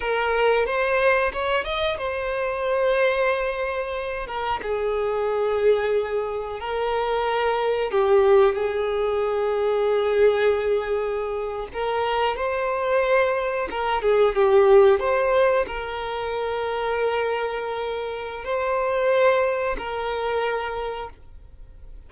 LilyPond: \new Staff \with { instrumentName = "violin" } { \time 4/4 \tempo 4 = 91 ais'4 c''4 cis''8 dis''8 c''4~ | c''2~ c''8 ais'8 gis'4~ | gis'2 ais'2 | g'4 gis'2.~ |
gis'4.~ gis'16 ais'4 c''4~ c''16~ | c''8. ais'8 gis'8 g'4 c''4 ais'16~ | ais'1 | c''2 ais'2 | }